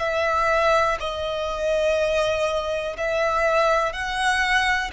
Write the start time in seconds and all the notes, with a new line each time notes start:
0.00 E5
1.00 D#5
2.98 E5
3.93 F#5